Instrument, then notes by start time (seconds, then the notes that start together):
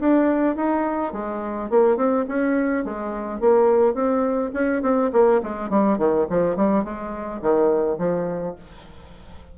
bassoon
0.00 D4
0.56 D#4
1.13 G#3
1.70 A#3
1.97 C4
2.28 C#4
2.85 G#3
3.41 A#3
3.95 C4
4.54 C#4
4.82 C4
5.13 A#3
5.43 G#3
5.70 G3
5.98 D#3
6.30 F3
6.56 G3
6.84 G#3
7.42 D#3
7.98 F3